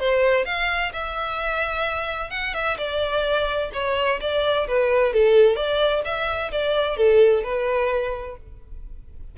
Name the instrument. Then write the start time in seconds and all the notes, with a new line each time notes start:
violin
0.00 C5
0.46 F5
0.93 E5
2.31 F#5
2.55 E5
2.78 D5
3.74 C#5
4.21 D5
4.68 B4
5.14 A4
5.56 D5
6.05 E5
6.52 D5
6.97 A4
7.44 B4